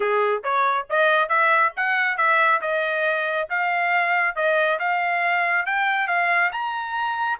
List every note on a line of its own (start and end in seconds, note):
0.00 0.42 G#4
0.43 0.87 C#5
0.89 1.28 D#5
1.28 1.72 E5
1.76 2.17 F#5
2.17 2.60 E5
2.61 3.48 D#5
3.49 4.35 F5
4.35 4.78 D#5
4.79 5.66 F5
5.66 6.07 G5
6.07 6.51 F5
6.52 7.39 A#5